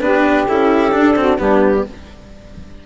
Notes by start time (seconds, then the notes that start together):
0.00 B3 D4 G4 B4
0.47 C#4 E4 A4
0.92 D4
1.16 C4 F#4
1.38 G3 B3 D4 G4